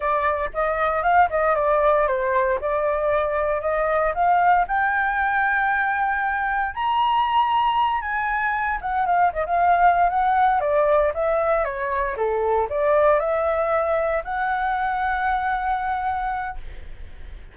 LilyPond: \new Staff \with { instrumentName = "flute" } { \time 4/4 \tempo 4 = 116 d''4 dis''4 f''8 dis''8 d''4 | c''4 d''2 dis''4 | f''4 g''2.~ | g''4 ais''2~ ais''8 gis''8~ |
gis''4 fis''8 f''8 dis''16 f''4~ f''16 fis''8~ | fis''8 d''4 e''4 cis''4 a'8~ | a'8 d''4 e''2 fis''8~ | fis''1 | }